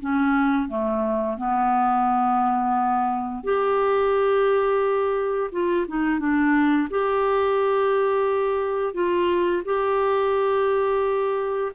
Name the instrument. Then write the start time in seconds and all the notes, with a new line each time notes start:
clarinet
0.00 C#4
0.69 A3
1.37 B3
3.44 G4
5.52 F4
5.88 D#4
6.19 D4
6.90 G4
8.94 F4
9.65 G4